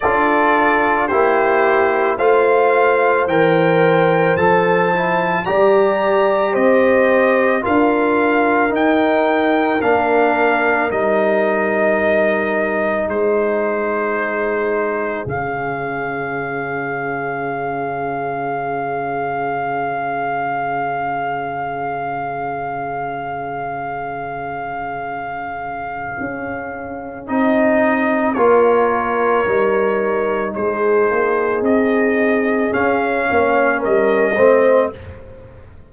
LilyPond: <<
  \new Staff \with { instrumentName = "trumpet" } { \time 4/4 \tempo 4 = 55 d''4 c''4 f''4 g''4 | a''4 ais''4 dis''4 f''4 | g''4 f''4 dis''2 | c''2 f''2~ |
f''1~ | f''1~ | f''4 dis''4 cis''2 | c''4 dis''4 f''4 dis''4 | }
  \new Staff \with { instrumentName = "horn" } { \time 4/4 a'4 g'4 c''2~ | c''4 d''4 c''4 ais'4~ | ais'1 | gis'1~ |
gis'1~ | gis'1~ | gis'2 ais'2 | gis'2~ gis'8 cis''8 ais'8 c''8 | }
  \new Staff \with { instrumentName = "trombone" } { \time 4/4 f'4 e'4 f'4 ais'4 | a'8 e'8 g'2 f'4 | dis'4 d'4 dis'2~ | dis'2 cis'2~ |
cis'1~ | cis'1~ | cis'4 dis'4 f'4 dis'4~ | dis'2 cis'4. c'8 | }
  \new Staff \with { instrumentName = "tuba" } { \time 4/4 d'4 ais4 a4 e4 | f4 g4 c'4 d'4 | dis'4 ais4 g2 | gis2 cis2~ |
cis1~ | cis1 | cis'4 c'4 ais4 g4 | gis8 ais8 c'4 cis'8 ais8 g8 a8 | }
>>